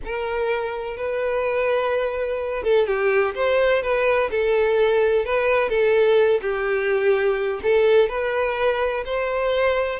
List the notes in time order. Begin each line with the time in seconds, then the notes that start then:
0.05 A#4
0.96 B4
2.63 A4
2.86 G4
3.34 C5
3.82 B4
4.30 A4
5.25 B4
5.69 A4
6.41 G4
7.62 A4
8.08 B4
9.05 C5